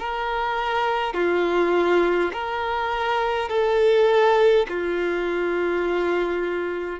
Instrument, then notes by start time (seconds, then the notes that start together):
violin
0.00 A#4
1.14 F4
2.33 A#4
3.49 A4
4.69 F4